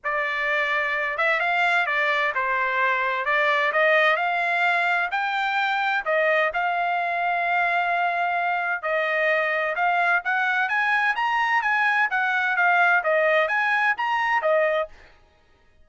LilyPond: \new Staff \with { instrumentName = "trumpet" } { \time 4/4 \tempo 4 = 129 d''2~ d''8 e''8 f''4 | d''4 c''2 d''4 | dis''4 f''2 g''4~ | g''4 dis''4 f''2~ |
f''2. dis''4~ | dis''4 f''4 fis''4 gis''4 | ais''4 gis''4 fis''4 f''4 | dis''4 gis''4 ais''4 dis''4 | }